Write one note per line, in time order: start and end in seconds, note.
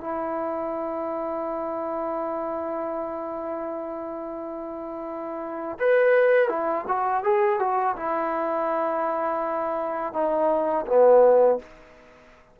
0.00 5.78 E4
5.79 6.48 B4
6.48 6.84 E4
6.87 7.24 F#4
7.24 7.59 G#4
7.59 7.95 F#4
7.96 10.13 E4
10.13 10.85 D#4
10.86 11.59 B3